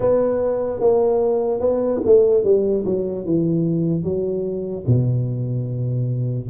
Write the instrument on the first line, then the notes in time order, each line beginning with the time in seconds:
tuba
0.00 B3
0.80 A#3
1.60 B3
2.05 A3
2.44 G3
2.85 F#3
3.25 E3
4.03 F#3
4.86 B2